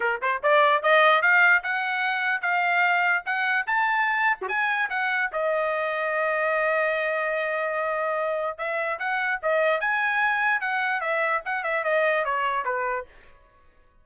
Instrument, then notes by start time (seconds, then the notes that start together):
trumpet
0.00 A#4
0.21 C5
0.42 D5
0.82 D#5
1.22 F5
1.63 F#5
2.41 F5
3.25 F#5
3.66 A5
4.41 F#4
4.48 G#5
4.89 F#5
5.32 D#5
8.58 E5
8.99 F#5
9.42 D#5
9.80 G#5
10.60 F#5
11.00 E5
11.45 F#5
11.63 E5
11.83 D#5
12.24 C#5
12.64 B4